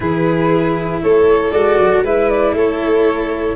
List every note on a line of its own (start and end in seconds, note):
0.00 0.98 E3
0.00 1.51 E4
0.00 1.02 G#4
0.00 1.01 B4
1.02 1.53 A3
1.02 2.03 A4
1.02 1.51 C#5
1.51 1.79 G#3
1.51 2.05 F#4
1.51 2.02 D5
1.79 2.02 F#3
2.02 2.53 G#3
2.02 3.56 E4
2.02 2.54 B4
2.02 2.29 E5
2.29 2.55 D5
2.53 3.54 A3
2.53 3.56 A4
2.53 3.56 C#5